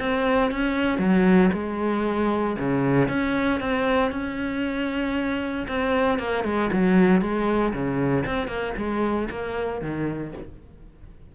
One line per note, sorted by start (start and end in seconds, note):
0.00 0.52 C4
0.52 0.99 C#4
0.99 1.51 F#3
1.54 2.57 G#3
2.59 3.09 C#3
3.09 3.61 C#4
3.61 4.12 C4
4.12 5.67 C#4
5.68 6.19 C4
6.19 6.45 A#3
6.45 6.71 G#3
6.73 7.22 F#3
7.22 7.74 G#3
7.74 8.25 C#3
8.26 8.48 C4
8.48 8.74 A#3
8.78 9.29 G#3
9.31 9.82 A#3
9.82 10.34 D#3